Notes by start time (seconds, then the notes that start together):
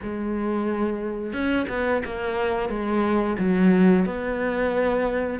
0.02 G#3
1.32 C#4
1.69 B3
2.05 A#3
2.69 G#3
3.38 F#3
4.05 B3